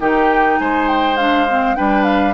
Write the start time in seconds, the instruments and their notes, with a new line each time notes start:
0.00 bassoon D#3, clarinet D#4, oboe G4, flute G5
0.60 bassoon G#3, oboe C5, flute G#5
0.89 flute G5
1.17 clarinet D4, flute F5
1.49 clarinet C4
1.75 bassoon G3, clarinet D4, oboe B4, flute G5
2.05 flute F5